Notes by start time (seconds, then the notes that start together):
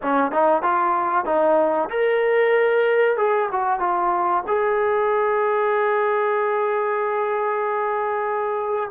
0.02 C#4
0.31 D#4
0.62 F4
1.25 D#4
1.89 A#4
3.17 G#4
3.51 F#4
3.79 F4
4.47 G#4